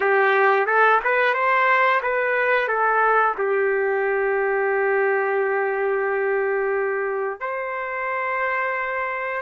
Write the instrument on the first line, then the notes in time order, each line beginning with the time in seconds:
trumpet
0.00 G4
0.66 A4
1.04 B4
1.33 C5
2.02 B4
2.68 A4
3.38 G4
7.40 C5